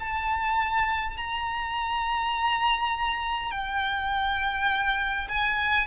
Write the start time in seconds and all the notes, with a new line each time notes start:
0.00 A5
1.17 A#5
3.51 G5
5.28 G#5